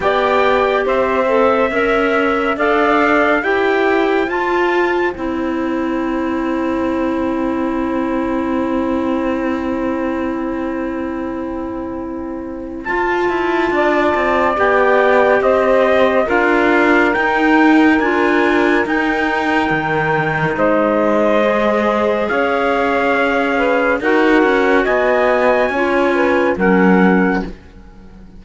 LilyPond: <<
  \new Staff \with { instrumentName = "trumpet" } { \time 4/4 \tempo 4 = 70 g''4 e''2 f''4 | g''4 a''4 g''2~ | g''1~ | g''2. a''4~ |
a''4 g''4 dis''4 f''4 | g''4 gis''4 g''2 | dis''2 f''2 | fis''4 gis''2 fis''4 | }
  \new Staff \with { instrumentName = "saxophone" } { \time 4/4 d''4 c''4 e''4 d''4 | c''1~ | c''1~ | c''1 |
d''2 c''4 ais'4~ | ais'1 | c''2 cis''4. b'8 | ais'4 dis''4 cis''8 b'8 ais'4 | }
  \new Staff \with { instrumentName = "clarinet" } { \time 4/4 g'4. a'8 ais'4 a'4 | g'4 f'4 e'2~ | e'1~ | e'2. f'4~ |
f'4 g'2 f'4 | dis'4 f'4 dis'2~ | dis'4 gis'2. | fis'2 f'4 cis'4 | }
  \new Staff \with { instrumentName = "cello" } { \time 4/4 b4 c'4 cis'4 d'4 | e'4 f'4 c'2~ | c'1~ | c'2. f'8 e'8 |
d'8 c'8 b4 c'4 d'4 | dis'4 d'4 dis'4 dis4 | gis2 cis'2 | dis'8 cis'8 b4 cis'4 fis4 | }
>>